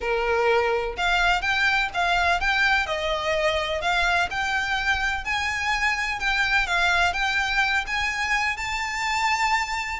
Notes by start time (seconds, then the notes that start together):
0.01 A#4
0.97 F5
1.41 G5
1.94 F5
2.40 G5
2.86 D#5
3.81 F5
4.30 G5
5.24 G#5
6.19 G5
6.66 F5
7.13 G5
7.86 G#5
8.56 A5